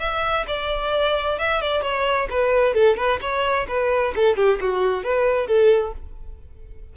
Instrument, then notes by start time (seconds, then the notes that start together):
violin
0.00 E5
0.48 D5
1.39 E5
1.61 D5
1.83 C#5
2.30 B4
2.74 A4
2.97 B4
3.21 C#5
3.68 B4
4.16 A4
4.37 G4
4.61 F#4
5.04 B4
5.47 A4